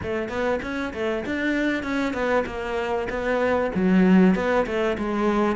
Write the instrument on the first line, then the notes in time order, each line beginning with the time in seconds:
cello
0.02 A3
0.28 B3
0.62 C#4
0.93 A3
1.25 D4
1.83 C#4
2.13 B3
2.46 A#3
3.09 B3
3.74 F#3
4.35 B3
4.66 A3
4.98 G#3